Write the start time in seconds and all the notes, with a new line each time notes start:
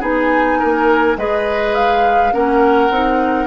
0.00 B3 D#4 G#4 G#5
0.59 A#3 A#4
1.17 G#3 G#4 B4 D#5
1.75 F5
2.32 A#3 C#4 A#4 F#5
2.90 C4 D#4